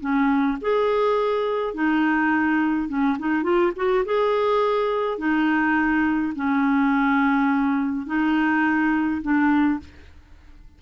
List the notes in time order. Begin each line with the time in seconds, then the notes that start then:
0.00 C#4
0.61 G#4
1.74 D#4
2.88 C#4
3.18 D#4
3.43 F4
3.76 F#4
4.05 G#4
5.18 D#4
6.35 C#4
8.06 D#4
9.22 D4